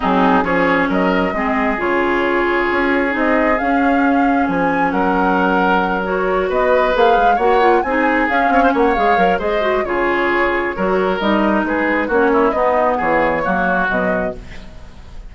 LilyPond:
<<
  \new Staff \with { instrumentName = "flute" } { \time 4/4 \tempo 4 = 134 gis'4 cis''4 dis''2 | cis''2. dis''4 | f''2 gis''4 fis''4~ | fis''4. cis''4 dis''4 f''8~ |
f''8 fis''4 gis''4 f''4 fis''8 | f''4 dis''4 cis''2~ | cis''4 dis''4 b'4 cis''4 | dis''4 cis''2 dis''4 | }
  \new Staff \with { instrumentName = "oboe" } { \time 4/4 dis'4 gis'4 ais'4 gis'4~ | gis'1~ | gis'2. ais'4~ | ais'2~ ais'8 b'4.~ |
b'8 cis''4 gis'4. cis''16 c''16 cis''8~ | cis''4 c''4 gis'2 | ais'2 gis'4 fis'8 e'8 | dis'4 gis'4 fis'2 | }
  \new Staff \with { instrumentName = "clarinet" } { \time 4/4 c'4 cis'2 c'4 | f'2. dis'4 | cis'1~ | cis'4. fis'2 gis'8~ |
gis'8 fis'8 f'8 dis'4 cis'4. | gis'8 ais'8 gis'8 fis'8 f'2 | fis'4 dis'2 cis'4 | b2 ais4 fis4 | }
  \new Staff \with { instrumentName = "bassoon" } { \time 4/4 fis4 f4 fis4 gis4 | cis2 cis'4 c'4 | cis'2 f4 fis4~ | fis2~ fis8 b4 ais8 |
gis8 ais4 c'4 cis'8 c'8 ais8 | gis8 fis8 gis4 cis2 | fis4 g4 gis4 ais4 | b4 e4 fis4 b,4 | }
>>